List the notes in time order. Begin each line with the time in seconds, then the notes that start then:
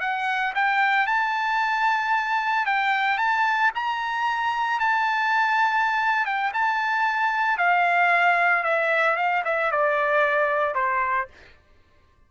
0.00 F#5
0.55 G5
1.06 A5
2.66 G5
3.18 A5
3.75 A#5
4.80 A5
6.25 G5
6.53 A5
7.57 F5
8.63 E5
9.16 F5
9.44 E5
9.71 D5
10.74 C5